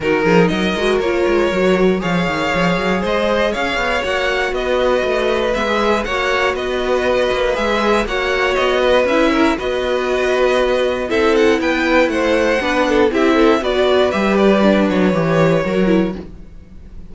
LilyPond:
<<
  \new Staff \with { instrumentName = "violin" } { \time 4/4 \tempo 4 = 119 ais'4 dis''4 cis''2 | f''2 dis''4 f''4 | fis''4 dis''2 e''4 | fis''4 dis''2 e''4 |
fis''4 dis''4 e''4 dis''4~ | dis''2 e''8 fis''8 g''4 | fis''2 e''4 d''4 | e''8 d''4 cis''2~ cis''8 | }
  \new Staff \with { instrumentName = "violin" } { \time 4/4 fis'8 gis'8 ais'2. | cis''2 c''4 cis''4~ | cis''4 b'2. | cis''4 b'2. |
cis''4. b'4 ais'8 b'4~ | b'2 a'4 b'4 | c''4 b'8 a'8 g'8 a'8 b'4~ | b'2. ais'4 | }
  \new Staff \with { instrumentName = "viola" } { \time 4/4 dis'4. fis'8 f'4 fis'4 | gis'1 | fis'2. b16 gis'8. | fis'2. gis'4 |
fis'2 e'4 fis'4~ | fis'2 e'2~ | e'4 d'4 e'4 fis'4 | g'4 d'4 g'4 fis'8 e'8 | }
  \new Staff \with { instrumentName = "cello" } { \time 4/4 dis8 f8 fis8 gis8 ais8 gis8 fis4 | f8 dis8 f8 fis8 gis4 cis'8 b8 | ais4 b4 a4 gis4 | ais4 b4. ais8 gis4 |
ais4 b4 cis'4 b4~ | b2 c'4 b4 | a4 b4 c'4 b4 | g4. fis8 e4 fis4 | }
>>